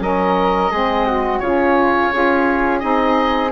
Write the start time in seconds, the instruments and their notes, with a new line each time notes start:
0.00 bassoon F#3, saxophone C#4, flute A#4, oboe D#5
0.71 bassoon G#3, saxophone C4, flute G#4
1.06 flute F#4
1.39 bassoon C#3, saxophone C#4, flute F4, oboe C#5
2.13 bassoon C#4, saxophone F4, flute G#4
2.80 bassoon C4, saxophone D#4, oboe D#5